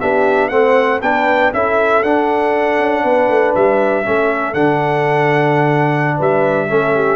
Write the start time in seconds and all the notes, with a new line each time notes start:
0.00 B3 D4 G4 E5
0.49 A3 C4 C5 F#5
1.02 B3 D4 B4 G5
1.53 C#4 E4 A4 E5
2.03 D4 F#5
2.79 C#4
3.04 B3 B4
3.29 A3
3.55 G3 E5
4.04 A3 C#4 A4
4.54 D3 D4 F#5
6.17 G3 B4 E5
6.69 A3 C#4 A4
6.95 G4